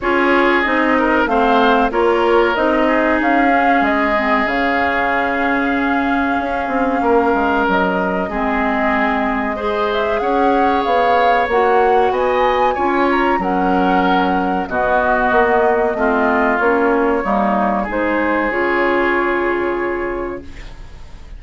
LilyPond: <<
  \new Staff \with { instrumentName = "flute" } { \time 4/4 \tempo 4 = 94 cis''4 dis''4 f''4 cis''4 | dis''4 f''4 dis''4 f''4~ | f''1 | dis''2.~ dis''8 e''8 |
fis''4 f''4 fis''4 gis''4~ | gis''8 ais''8 fis''2 dis''4~ | dis''2 cis''2 | c''4 cis''2. | }
  \new Staff \with { instrumentName = "oboe" } { \time 4/4 gis'4. ais'8 c''4 ais'4~ | ais'8 gis'2.~ gis'8~ | gis'2. ais'4~ | ais'4 gis'2 c''4 |
cis''2. dis''4 | cis''4 ais'2 fis'4~ | fis'4 f'2 dis'4 | gis'1 | }
  \new Staff \with { instrumentName = "clarinet" } { \time 4/4 f'4 dis'4 c'4 f'4 | dis'4. cis'4 c'8 cis'4~ | cis'1~ | cis'4 c'2 gis'4~ |
gis'2 fis'2 | f'4 cis'2 b4~ | b4 c'4 cis'4 ais4 | dis'4 f'2. | }
  \new Staff \with { instrumentName = "bassoon" } { \time 4/4 cis'4 c'4 a4 ais4 | c'4 cis'4 gis4 cis4~ | cis2 cis'8 c'8 ais8 gis8 | fis4 gis2. |
cis'4 b4 ais4 b4 | cis'4 fis2 b,4 | ais4 a4 ais4 g4 | gis4 cis2. | }
>>